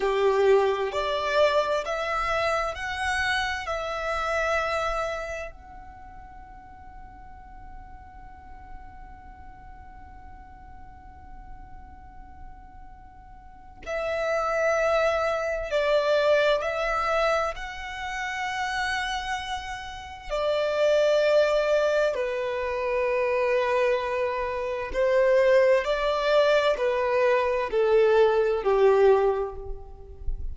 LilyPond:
\new Staff \with { instrumentName = "violin" } { \time 4/4 \tempo 4 = 65 g'4 d''4 e''4 fis''4 | e''2 fis''2~ | fis''1~ | fis''2. e''4~ |
e''4 d''4 e''4 fis''4~ | fis''2 d''2 | b'2. c''4 | d''4 b'4 a'4 g'4 | }